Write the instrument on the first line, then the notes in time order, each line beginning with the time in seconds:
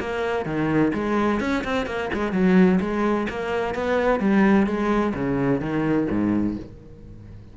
cello
0.00 A#3
0.45 D#3
0.94 G#3
1.40 C#4
1.64 C4
1.86 A#3
2.13 G#3
2.32 F#3
2.81 G#3
3.30 A#3
3.75 B3
4.20 G3
4.67 G#3
5.14 C#3
5.61 D#3
6.10 G#2